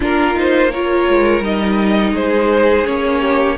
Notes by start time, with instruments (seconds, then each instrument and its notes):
0.00 cello A#3, viola D4, violin F4 A#4
0.34 viola D#4, violin C5
0.70 viola F4, violin A#4 C#5
1.08 cello G#3
1.40 cello G3, viola D#4, violin D#5
2.12 cello G#3, violin G#4 C5
2.85 cello A#3, viola C#4, violin C#5
3.21 violin G4